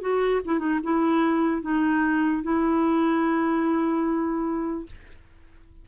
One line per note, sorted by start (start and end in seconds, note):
0.00 0.41 F#4
0.45 0.59 E4
0.59 0.79 D#4
0.83 1.61 E4
1.61 2.43 D#4
2.43 4.86 E4